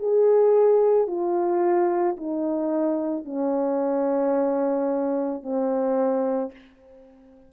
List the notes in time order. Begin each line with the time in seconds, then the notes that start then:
0.00 G#4
1.08 F4
2.17 D#4
3.25 C#4
5.43 C4